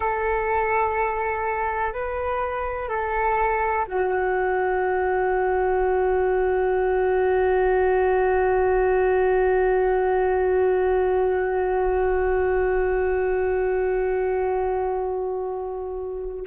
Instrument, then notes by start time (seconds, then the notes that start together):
flute
0.00 A4
1.93 B4
2.88 A4
3.87 F#4